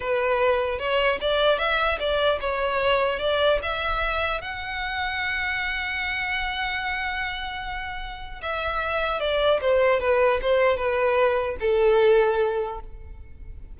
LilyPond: \new Staff \with { instrumentName = "violin" } { \time 4/4 \tempo 4 = 150 b'2 cis''4 d''4 | e''4 d''4 cis''2 | d''4 e''2 fis''4~ | fis''1~ |
fis''1~ | fis''4 e''2 d''4 | c''4 b'4 c''4 b'4~ | b'4 a'2. | }